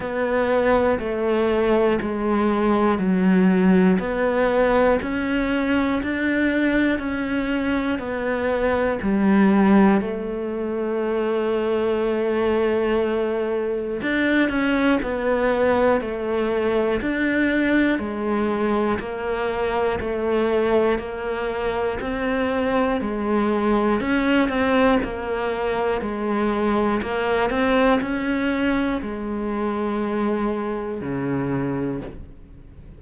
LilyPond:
\new Staff \with { instrumentName = "cello" } { \time 4/4 \tempo 4 = 60 b4 a4 gis4 fis4 | b4 cis'4 d'4 cis'4 | b4 g4 a2~ | a2 d'8 cis'8 b4 |
a4 d'4 gis4 ais4 | a4 ais4 c'4 gis4 | cis'8 c'8 ais4 gis4 ais8 c'8 | cis'4 gis2 cis4 | }